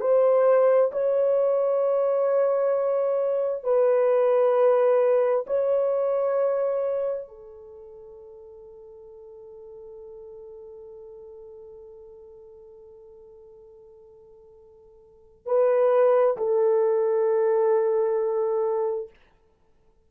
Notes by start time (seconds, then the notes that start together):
0.00 C5
0.91 C#5
3.63 B4
5.46 C#5
7.28 A4
15.45 B4
16.37 A4